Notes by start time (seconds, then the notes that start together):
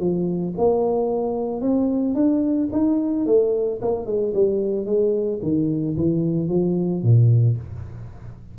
0.00 F3
0.58 A#3
1.61 C4
2.15 D4
2.72 D#4
3.26 A3
3.82 A#3
4.06 G#3
4.34 G3
4.86 G#3
5.42 D#3
5.97 E3
6.49 F3
7.03 A#2